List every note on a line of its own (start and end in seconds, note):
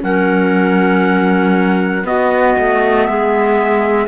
0.00 2.03 F#3
0.00 2.03 C#4
0.00 2.06 A#4
0.00 2.06 F#5
2.03 2.54 B3
2.03 4.07 B3
2.03 3.08 F#4
2.03 3.04 D#5
2.58 3.08 A3
3.04 4.07 G#3
3.04 4.07 G#4
3.04 4.06 E5